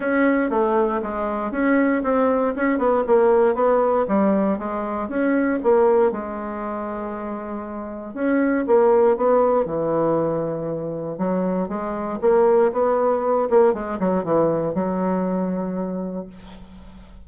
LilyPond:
\new Staff \with { instrumentName = "bassoon" } { \time 4/4 \tempo 4 = 118 cis'4 a4 gis4 cis'4 | c'4 cis'8 b8 ais4 b4 | g4 gis4 cis'4 ais4 | gis1 |
cis'4 ais4 b4 e4~ | e2 fis4 gis4 | ais4 b4. ais8 gis8 fis8 | e4 fis2. | }